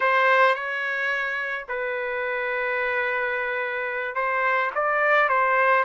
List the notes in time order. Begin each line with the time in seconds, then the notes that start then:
0.00 C5
0.54 C#5
1.68 B4
4.15 C5
4.74 D5
5.29 C5